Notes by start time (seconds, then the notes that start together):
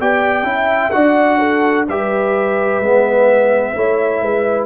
0.00 B3 G4 D5 G5
0.43 C#4 E4
0.49 E5
0.91 D4 F#4 D5 F#5
1.39 A4
1.88 G3 G4 B4 E5
2.80 G#3 B3
3.75 A3 E4 C#5
4.21 G#3 B4